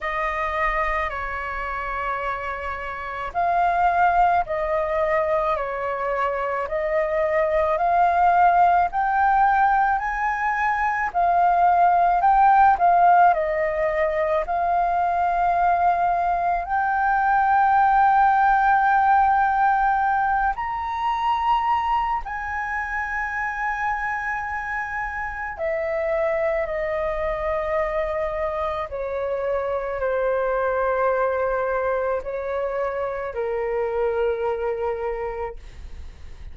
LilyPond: \new Staff \with { instrumentName = "flute" } { \time 4/4 \tempo 4 = 54 dis''4 cis''2 f''4 | dis''4 cis''4 dis''4 f''4 | g''4 gis''4 f''4 g''8 f''8 | dis''4 f''2 g''4~ |
g''2~ g''8 ais''4. | gis''2. e''4 | dis''2 cis''4 c''4~ | c''4 cis''4 ais'2 | }